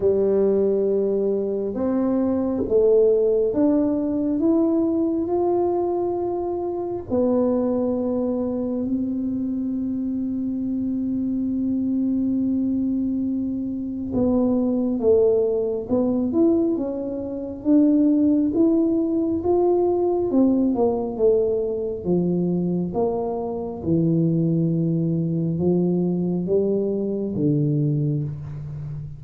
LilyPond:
\new Staff \with { instrumentName = "tuba" } { \time 4/4 \tempo 4 = 68 g2 c'4 a4 | d'4 e'4 f'2 | b2 c'2~ | c'1 |
b4 a4 b8 e'8 cis'4 | d'4 e'4 f'4 c'8 ais8 | a4 f4 ais4 e4~ | e4 f4 g4 d4 | }